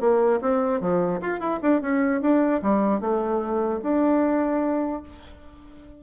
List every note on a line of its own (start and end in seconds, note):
0.00 0.40 A#3
0.41 0.80 C4
0.80 1.20 F3
1.21 1.40 F4
1.40 1.60 E4
1.62 1.81 D4
1.81 2.21 C#4
2.21 2.61 D4
2.62 3.00 G3
3.00 3.80 A3
3.82 5.02 D4